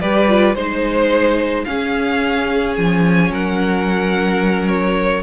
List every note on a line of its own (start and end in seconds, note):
0.00 0.55 G3
0.00 0.28 G4
0.00 0.55 B4
0.00 0.55 D5
0.28 0.55 F4
0.55 1.65 G#3
0.55 1.66 D#4
0.55 1.64 C5
0.55 1.65 C5
1.64 5.23 C#4
1.64 2.77 C#4
1.64 3.31 G#4
1.64 2.74 F5
2.77 3.30 F3
2.77 3.32 G#5
3.30 5.23 F#3
3.30 5.23 A#4
3.30 4.68 F#5
4.68 5.23 C#5